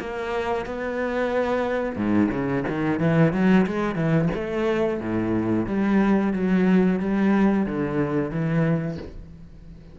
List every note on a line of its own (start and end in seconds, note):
0.00 0.65 A#3
0.65 1.96 B3
1.96 2.29 G#2
2.31 2.64 C#3
2.68 3.00 D#3
3.00 3.33 E3
3.33 3.66 F#3
3.66 3.95 G#3
3.95 4.28 E3
4.34 5.00 A3
5.00 5.66 A2
5.66 6.33 G3
6.33 6.99 F#3
6.99 7.66 G3
7.66 8.31 D3
8.31 8.98 E3